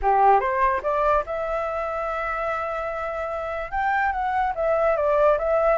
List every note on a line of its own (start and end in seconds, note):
0.02 0.39 G4
0.39 0.81 C5
0.82 1.24 D5
1.26 3.71 E5
3.71 4.12 G5
4.12 4.53 F#5
4.55 4.96 E5
4.96 5.38 D5
5.38 5.78 E5